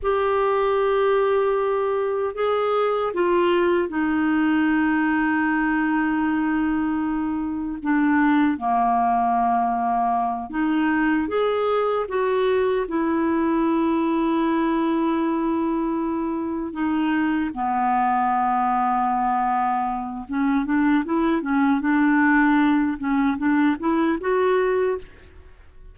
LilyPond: \new Staff \with { instrumentName = "clarinet" } { \time 4/4 \tempo 4 = 77 g'2. gis'4 | f'4 dis'2.~ | dis'2 d'4 ais4~ | ais4. dis'4 gis'4 fis'8~ |
fis'8 e'2.~ e'8~ | e'4. dis'4 b4.~ | b2 cis'8 d'8 e'8 cis'8 | d'4. cis'8 d'8 e'8 fis'4 | }